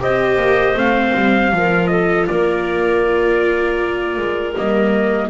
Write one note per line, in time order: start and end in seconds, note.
0.00 0.36 C4
0.00 0.75 G4
0.00 1.53 C5
0.00 0.78 D#5
0.36 0.74 A#3
0.75 1.13 A3
0.75 1.51 C4
0.75 1.87 F5
1.15 1.52 G3
1.52 2.28 F3
1.52 4.55 F4
1.52 1.90 A#4
1.87 2.28 A4
1.87 2.25 D#5
2.27 4.18 A#3
2.27 5.30 A#4
2.27 4.55 D5
4.18 4.56 G#3
4.55 5.30 G3
4.55 5.30 A#3
4.55 5.30 D#5